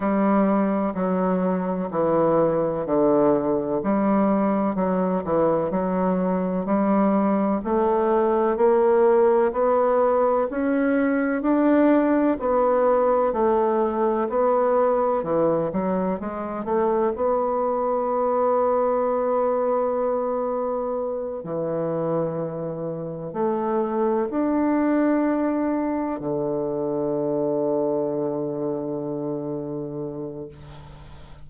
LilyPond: \new Staff \with { instrumentName = "bassoon" } { \time 4/4 \tempo 4 = 63 g4 fis4 e4 d4 | g4 fis8 e8 fis4 g4 | a4 ais4 b4 cis'4 | d'4 b4 a4 b4 |
e8 fis8 gis8 a8 b2~ | b2~ b8 e4.~ | e8 a4 d'2 d8~ | d1 | }